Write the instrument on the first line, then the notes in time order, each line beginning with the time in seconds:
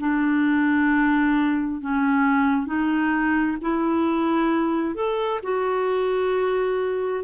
clarinet
0.00 D4
1.82 C#4
2.67 D#4
3.62 E4
4.95 A4
5.43 F#4